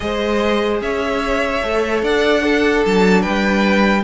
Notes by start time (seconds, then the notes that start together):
0.00 G#3 G#4 C5 D#5
0.81 C#4 C#5 E5
1.62 A3 A4
2.02 D4 D5 F#5
2.41 D4 A4
2.85 F#3 A5
3.21 G3 B4 G5